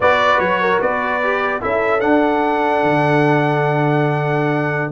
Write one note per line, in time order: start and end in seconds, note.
0.00 0.39 B3
0.00 1.22 F#4
0.00 0.61 B4
0.00 0.39 D5
0.39 0.79 F#3
0.39 0.79 C#5
0.61 0.80 A#4
0.80 1.61 B3
0.80 1.61 B4
0.80 1.61 D5
1.23 1.60 G4
1.60 2.03 C#4
1.60 2.00 E4
1.60 4.91 A4
1.60 2.00 E5
2.00 4.91 D4
2.00 2.83 D4
2.00 4.91 F#5
2.83 4.91 D3